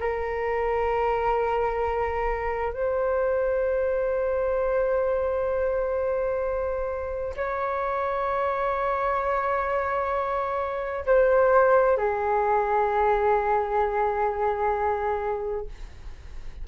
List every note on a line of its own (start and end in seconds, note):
0.00 2.73 A#4
2.73 7.35 C5
7.36 11.06 C#5
11.06 11.97 C5
11.97 15.67 G#4